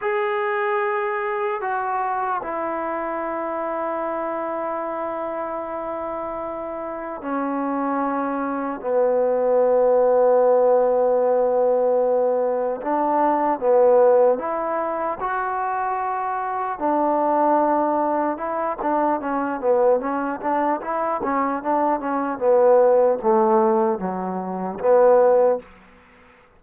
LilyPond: \new Staff \with { instrumentName = "trombone" } { \time 4/4 \tempo 4 = 75 gis'2 fis'4 e'4~ | e'1~ | e'4 cis'2 b4~ | b1 |
d'4 b4 e'4 fis'4~ | fis'4 d'2 e'8 d'8 | cis'8 b8 cis'8 d'8 e'8 cis'8 d'8 cis'8 | b4 a4 fis4 b4 | }